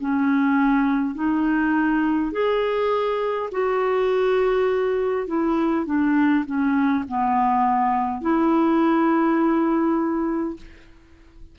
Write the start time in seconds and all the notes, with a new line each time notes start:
0.00 C#4
1.15 D#4
2.32 G#4
3.52 F#4
5.27 E4
5.86 D4
6.45 C#4
7.08 B3
8.21 E4